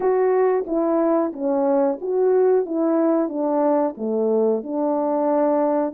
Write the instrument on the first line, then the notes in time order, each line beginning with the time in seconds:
horn
0.00 F#4
0.66 E4
1.32 C#4
2.01 F#4
2.65 E4
3.28 D4
3.97 A3
4.63 D4